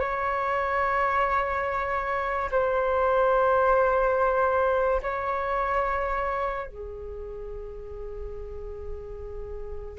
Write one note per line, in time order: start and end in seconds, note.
0.00 2.50 C#5
2.52 5.02 C5
5.02 6.67 C#5
6.67 9.99 G#4